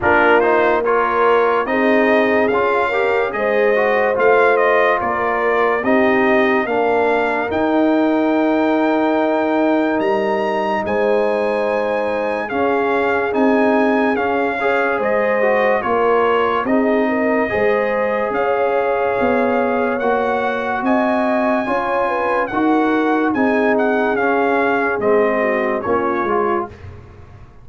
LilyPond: <<
  \new Staff \with { instrumentName = "trumpet" } { \time 4/4 \tempo 4 = 72 ais'8 c''8 cis''4 dis''4 f''4 | dis''4 f''8 dis''8 d''4 dis''4 | f''4 g''2. | ais''4 gis''2 f''4 |
gis''4 f''4 dis''4 cis''4 | dis''2 f''2 | fis''4 gis''2 fis''4 | gis''8 fis''8 f''4 dis''4 cis''4 | }
  \new Staff \with { instrumentName = "horn" } { \time 4/4 f'4 ais'4 gis'4. ais'8 | c''2 ais'4 g'4 | ais'1~ | ais'4 c''2 gis'4~ |
gis'4. cis''8 c''4 ais'4 | gis'8 ais'8 c''4 cis''2~ | cis''4 dis''4 cis''8 b'8 ais'4 | gis'2~ gis'8 fis'8 f'4 | }
  \new Staff \with { instrumentName = "trombone" } { \time 4/4 d'8 dis'8 f'4 dis'4 f'8 g'8 | gis'8 fis'8 f'2 dis'4 | d'4 dis'2.~ | dis'2. cis'4 |
dis'4 cis'8 gis'4 fis'8 f'4 | dis'4 gis'2. | fis'2 f'4 fis'4 | dis'4 cis'4 c'4 cis'8 f'8 | }
  \new Staff \with { instrumentName = "tuba" } { \time 4/4 ais2 c'4 cis'4 | gis4 a4 ais4 c'4 | ais4 dis'2. | g4 gis2 cis'4 |
c'4 cis'4 gis4 ais4 | c'4 gis4 cis'4 b4 | ais4 c'4 cis'4 dis'4 | c'4 cis'4 gis4 ais8 gis8 | }
>>